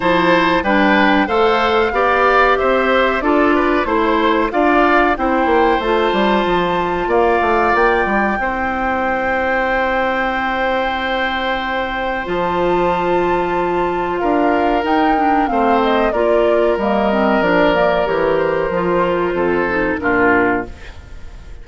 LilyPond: <<
  \new Staff \with { instrumentName = "flute" } { \time 4/4 \tempo 4 = 93 a''4 g''4 f''2 | e''4 d''4 c''4 f''4 | g''4 a''2 f''4 | g''1~ |
g''2. a''4~ | a''2 f''4 g''4 | f''8 dis''8 d''4 dis''4 d''4 | cis''8 c''2~ c''8 ais'4 | }
  \new Staff \with { instrumentName = "oboe" } { \time 4/4 c''4 b'4 c''4 d''4 | c''4 a'8 b'8 c''4 d''4 | c''2. d''4~ | d''4 c''2.~ |
c''1~ | c''2 ais'2 | c''4 ais'2.~ | ais'2 a'4 f'4 | }
  \new Staff \with { instrumentName = "clarinet" } { \time 4/4 e'4 d'4 a'4 g'4~ | g'4 f'4 e'4 f'4 | e'4 f'2.~ | f'4 e'2.~ |
e'2. f'4~ | f'2. dis'8 d'8 | c'4 f'4 ais8 c'8 d'8 ais8 | g'4 f'4. dis'8 d'4 | }
  \new Staff \with { instrumentName = "bassoon" } { \time 4/4 f4 g4 a4 b4 | c'4 d'4 a4 d'4 | c'8 ais8 a8 g8 f4 ais8 a8 | ais8 g8 c'2.~ |
c'2. f4~ | f2 d'4 dis'4 | a4 ais4 g4 f4 | e4 f4 f,4 ais,4 | }
>>